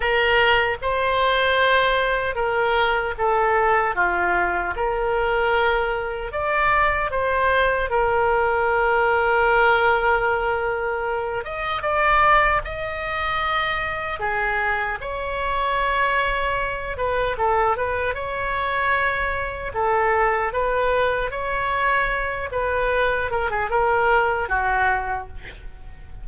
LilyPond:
\new Staff \with { instrumentName = "oboe" } { \time 4/4 \tempo 4 = 76 ais'4 c''2 ais'4 | a'4 f'4 ais'2 | d''4 c''4 ais'2~ | ais'2~ ais'8 dis''8 d''4 |
dis''2 gis'4 cis''4~ | cis''4. b'8 a'8 b'8 cis''4~ | cis''4 a'4 b'4 cis''4~ | cis''8 b'4 ais'16 gis'16 ais'4 fis'4 | }